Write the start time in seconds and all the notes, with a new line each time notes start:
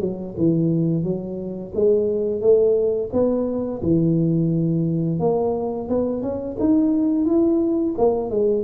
0.00 F#3
0.37 E3
1.03 F#3
1.75 G#3
2.41 A3
3.12 B3
3.82 E3
5.19 A#3
5.88 B3
6.22 C#4
6.59 D#4
7.25 E4
7.98 A#3
8.30 G#3